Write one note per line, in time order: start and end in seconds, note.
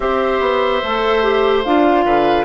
0.00 0.39 C4
0.00 0.82 G4
0.00 2.04 C5
0.00 1.63 E5
0.40 0.81 B3
0.84 1.65 A3
0.84 1.22 A4
1.22 1.63 G4
1.63 2.05 D4
1.63 2.44 F4
1.63 2.44 F5
2.04 2.44 D3
2.04 2.44 B4